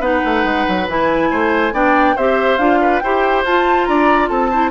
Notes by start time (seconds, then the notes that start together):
0.00 B3 D#4 B4 F#5
0.25 A3
0.44 G#3
0.69 F#3
0.88 E3 E4 G#5
1.31 A3 C5
1.73 B3 D4 D5 G5
2.16 C4 G4 C5 E5
2.58 D4 F4 F5
2.82 B4
3.00 E4 G4 C5 G5
3.44 F4 A5
3.85 D4 D5 A#5
4.29 C4 A4 A5
4.51 E4 C5